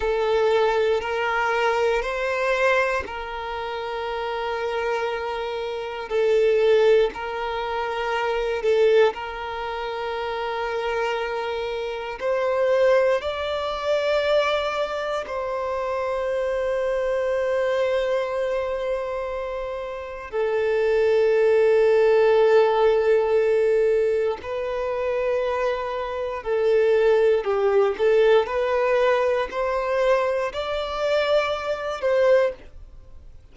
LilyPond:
\new Staff \with { instrumentName = "violin" } { \time 4/4 \tempo 4 = 59 a'4 ais'4 c''4 ais'4~ | ais'2 a'4 ais'4~ | ais'8 a'8 ais'2. | c''4 d''2 c''4~ |
c''1 | a'1 | b'2 a'4 g'8 a'8 | b'4 c''4 d''4. c''8 | }